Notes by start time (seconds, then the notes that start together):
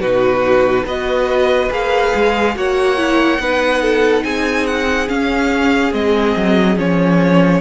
0.00 B2 D#4 F#4 B4
0.85 B3 F#4 B4 D#5
1.70 A#3 G#4 F5
2.15 G#3
2.55 A#3 F#4 C#5 F#5
2.97 E4
3.39 B3 D#4 B4
3.82 A4
4.24 C4 G#4 G#5
4.66 F#5
5.08 C#4 F5
5.92 G#3 C4 D#5
6.36 F#3
6.77 F3 C#4 C#5